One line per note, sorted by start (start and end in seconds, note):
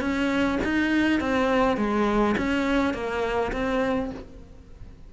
0.00 0.58 C#4
0.63 1.20 D#4
1.20 1.77 C4
1.77 2.35 G#3
2.37 2.93 C#4
2.93 3.52 A#3
3.52 4.10 C4